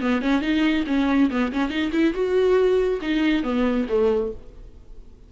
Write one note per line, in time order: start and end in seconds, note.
0.00 0.22 B3
0.22 0.41 C#4
0.41 0.84 D#4
0.87 1.30 C#4
1.30 1.52 B3
1.52 1.70 C#4
1.70 1.91 D#4
1.92 2.13 E4
2.13 3.00 F#4
3.01 3.43 D#4
3.43 3.86 B3
3.88 4.32 A3